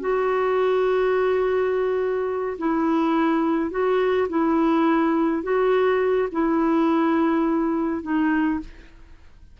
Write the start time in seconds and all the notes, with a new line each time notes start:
0.00 F#4
2.58 E4
3.70 F#4
4.29 E4
5.43 F#4
6.32 E4
8.02 D#4